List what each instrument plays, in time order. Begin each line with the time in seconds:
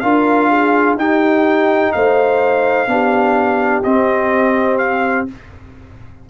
0.00 tuba D4, trombone F4, horn A#4, trumpet F5
0.50 horn G#4
0.95 tuba D#4, trombone D#4, horn G4, trumpet G5
1.92 tuba A3, horn C5, trumpet F5
2.87 tuba B3, trombone D4, horn G4
3.83 tuba C4, trombone C4, trumpet D#5
4.78 trumpet F5